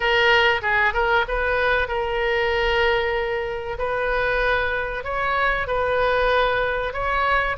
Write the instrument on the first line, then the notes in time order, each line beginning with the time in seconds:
oboe
0.00 A#4
0.62 G#4
0.93 A#4
1.27 B4
1.88 A#4
3.78 B4
5.04 C#5
5.67 B4
6.93 C#5